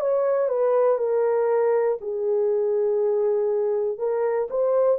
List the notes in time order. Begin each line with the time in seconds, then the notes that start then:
0.00 C#5
0.49 B4
0.98 A#4
2.00 G#4
3.98 A#4
4.50 C5